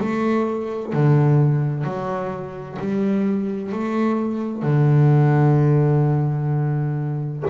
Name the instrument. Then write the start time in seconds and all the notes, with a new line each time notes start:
double bass
0.00 A3
0.93 D3
1.84 F#3
2.79 G3
3.72 A3
4.63 D3